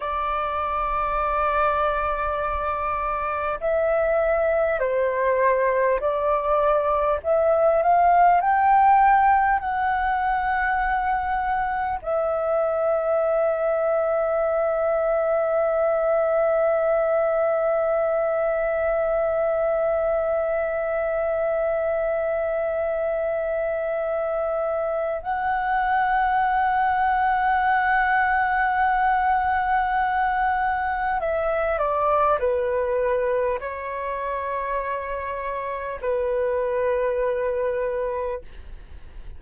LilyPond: \new Staff \with { instrumentName = "flute" } { \time 4/4 \tempo 4 = 50 d''2. e''4 | c''4 d''4 e''8 f''8 g''4 | fis''2 e''2~ | e''1~ |
e''1~ | e''4 fis''2.~ | fis''2 e''8 d''8 b'4 | cis''2 b'2 | }